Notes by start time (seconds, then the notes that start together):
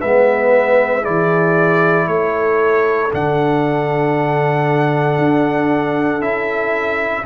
0.00 G#3 B3 B4 E5
1.01 E3 E4 G#4 D5
2.08 A3 A4 C#5
3.12 D3 D4 F#5
5.18 D4
6.20 C#4 E4 E5